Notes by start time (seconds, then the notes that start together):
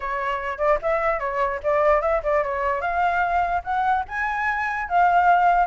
0.00 C#5
0.58 D5
0.82 E5
1.19 C#5
1.63 D5
2.01 E5
2.23 D5
2.43 C#5
2.81 F5
3.64 F#5
4.07 G#5
4.89 F5